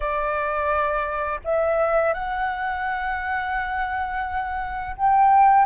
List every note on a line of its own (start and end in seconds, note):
0.00 1.40 D5
1.44 2.13 E5
2.13 4.95 F#5
4.96 5.65 G5